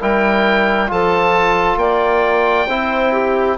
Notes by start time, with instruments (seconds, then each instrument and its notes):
0.00 bassoon G3, trombone E4, clarinet A#4, oboe G5
0.87 bassoon F3, trombone F4, clarinet A4, oboe A5
1.77 bassoon A#3, clarinet D5, oboe G5
2.67 bassoon C4, trombone E4, clarinet C5
3.12 clarinet G4